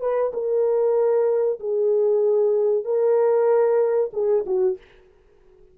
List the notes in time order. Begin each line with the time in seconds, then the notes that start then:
0.00 B4
0.33 A#4
1.60 G#4
2.84 A#4
4.13 G#4
4.46 F#4